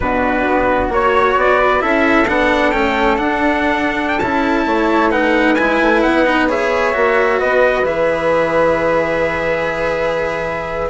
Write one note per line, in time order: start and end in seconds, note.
0.00 0.46 B2
0.00 0.88 D4
0.00 0.93 F#4
0.00 0.89 B4
0.46 0.89 B3
0.88 1.34 A#3
0.88 1.79 F#4
0.88 1.58 C#5
0.88 1.38 C#5
1.36 1.82 B3
1.36 1.82 D5
1.58 1.81 B4
1.79 2.28 C#4
1.79 2.25 E4
1.79 4.65 A4
1.79 2.27 E5
2.27 2.73 B3
2.27 2.73 D4
2.27 2.71 F#5
2.71 3.19 A3
2.71 3.17 C#4
2.71 3.17 G5
3.17 4.19 D4
3.17 4.21 D4
3.17 4.08 F#5
4.08 4.19 G5
4.19 4.66 C#4
4.19 5.11 E4
4.19 5.10 A5
4.66 5.56 A3
4.66 5.10 C#5
5.10 5.56 D#4
5.10 6.47 B4
5.10 5.54 F#5
5.54 5.81 G#3
5.54 6.26 E4
5.54 6.00 G#5
5.81 6.04 A3
6.02 6.95 B3
6.02 6.47 F#5
6.26 6.49 D#4
6.48 6.93 G#4
6.48 7.39 C#5
6.48 7.39 E5
6.93 7.41 A#3
6.93 7.84 F#4
7.39 7.82 B3
7.39 10.89 B4
7.39 7.85 D#5
7.82 10.89 E3
7.82 10.89 G#4
7.82 10.89 E5